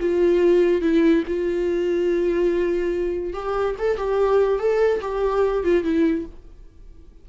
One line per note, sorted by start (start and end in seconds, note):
0.00 0.81 F4
0.81 1.23 E4
1.28 3.34 F4
3.34 3.76 G4
3.79 3.97 A4
3.97 4.59 G4
4.59 5.01 A4
5.01 5.64 G4
5.64 5.83 F4
5.83 6.25 E4